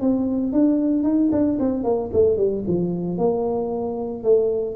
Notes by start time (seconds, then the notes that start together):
0.00 C4
0.52 D4
1.03 D#4
1.31 D4
1.59 C4
1.83 A#3
2.12 A3
2.37 G3
2.67 F3
3.17 A#3
4.23 A3